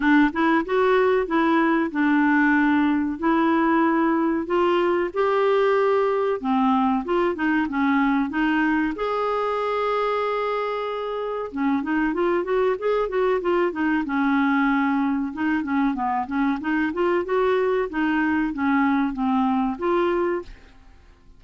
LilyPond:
\new Staff \with { instrumentName = "clarinet" } { \time 4/4 \tempo 4 = 94 d'8 e'8 fis'4 e'4 d'4~ | d'4 e'2 f'4 | g'2 c'4 f'8 dis'8 | cis'4 dis'4 gis'2~ |
gis'2 cis'8 dis'8 f'8 fis'8 | gis'8 fis'8 f'8 dis'8 cis'2 | dis'8 cis'8 b8 cis'8 dis'8 f'8 fis'4 | dis'4 cis'4 c'4 f'4 | }